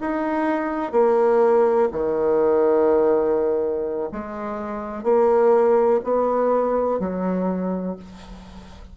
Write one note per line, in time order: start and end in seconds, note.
0.00 0.91 D#4
0.91 1.88 A#3
1.91 4.09 D#3
4.11 5.03 G#3
5.03 6.00 A#3
6.04 6.99 B3
6.99 7.96 F#3